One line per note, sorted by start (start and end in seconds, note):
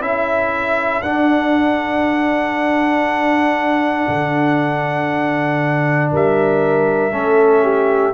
0.00 1.02 C#4
0.00 1.02 E4
0.00 6.11 A4
0.00 1.01 E5
1.01 4.07 D4
1.01 7.11 D4
1.01 6.10 F#5
4.08 6.11 D3
6.11 7.11 G3
6.11 7.13 A#4
6.11 8.13 E5
7.11 8.12 A3
7.11 8.13 C#4
7.11 7.63 A4
7.63 8.13 G4